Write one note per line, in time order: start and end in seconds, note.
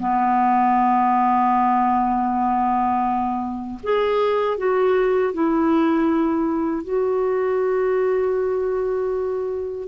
0.00 3.80 B3
3.83 4.58 G#4
4.58 5.34 F#4
5.34 6.84 E4
6.84 9.88 F#4